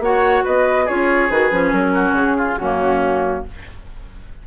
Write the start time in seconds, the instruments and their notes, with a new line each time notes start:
0.00 bassoon A#3, clarinet F#4, oboe C#5, flute F#5
0.44 bassoon B3, oboe B4, flute D#5
0.85 bassoon C#4, clarinet F4, oboe G#4, flute C#5
1.30 bassoon D#3, clarinet F#4, flute B4
1.52 bassoon F3, clarinet C#4
1.73 bassoon F#3, flute A#4
1.94 oboe F#4
2.12 bassoon C#3, flute G#4
2.37 oboe F4
2.58 bassoon F#2, clarinet A#3, oboe C#4, flute F#4